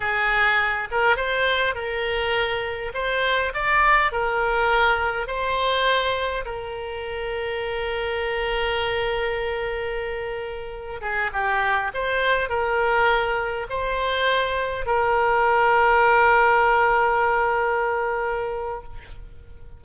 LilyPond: \new Staff \with { instrumentName = "oboe" } { \time 4/4 \tempo 4 = 102 gis'4. ais'8 c''4 ais'4~ | ais'4 c''4 d''4 ais'4~ | ais'4 c''2 ais'4~ | ais'1~ |
ais'2~ ais'8. gis'8 g'8.~ | g'16 c''4 ais'2 c''8.~ | c''4~ c''16 ais'2~ ais'8.~ | ais'1 | }